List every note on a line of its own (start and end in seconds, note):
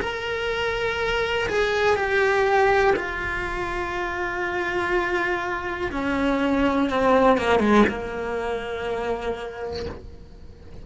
0.00 1.48 A#4
1.48 1.95 G#4
1.95 2.94 G4
2.96 5.91 F4
5.91 6.89 C#4
6.89 7.37 C4
7.37 7.60 A#3
7.60 7.84 G#3
7.89 9.85 A#3